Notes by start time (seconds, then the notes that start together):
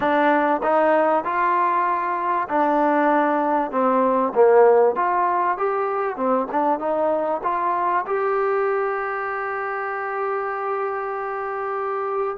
0.00 D4
0.62 D#4
1.24 F4
2.48 D4
3.71 C4
4.34 A#3
4.95 F4
5.57 G4
6.16 C4
6.51 D4
6.79 D#4
7.43 F4
8.06 G4